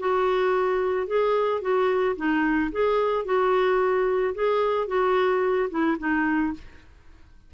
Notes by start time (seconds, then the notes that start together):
0.00 F#4
1.07 G#4
1.62 F#4
2.17 D#4
2.72 G#4
3.26 F#4
4.35 G#4
4.88 F#4
5.70 E4
5.99 D#4